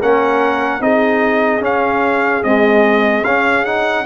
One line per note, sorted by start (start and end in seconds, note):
0.00 0.80 A#3
0.00 0.80 C#4
0.00 0.81 A#4
0.00 0.82 F#5
0.80 1.61 C4
0.80 1.61 D#4
0.80 4.05 G#4
0.80 1.63 D#5
1.61 2.42 C#4
1.61 2.43 F5
2.43 3.24 G#3
2.43 3.24 C4
2.43 3.24 D#5
3.24 4.05 C#4
3.24 3.66 C#4
3.24 3.65 F5
3.65 4.05 D#4
3.65 4.05 F#5